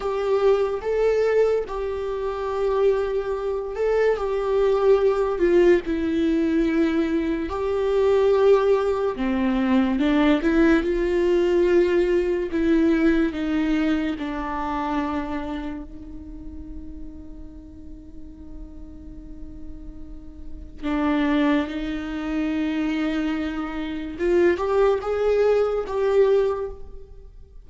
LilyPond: \new Staff \with { instrumentName = "viola" } { \time 4/4 \tempo 4 = 72 g'4 a'4 g'2~ | g'8 a'8 g'4. f'8 e'4~ | e'4 g'2 c'4 | d'8 e'8 f'2 e'4 |
dis'4 d'2 dis'4~ | dis'1~ | dis'4 d'4 dis'2~ | dis'4 f'8 g'8 gis'4 g'4 | }